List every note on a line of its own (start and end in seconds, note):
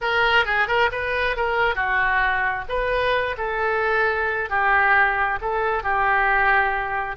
0.01 0.45 A#4
0.45 0.67 G#4
0.67 0.90 A#4
0.91 1.36 B4
1.36 1.75 A#4
1.75 2.64 F#4
2.68 3.36 B4
3.37 4.49 A4
4.49 5.39 G4
5.41 5.83 A4
5.83 7.16 G4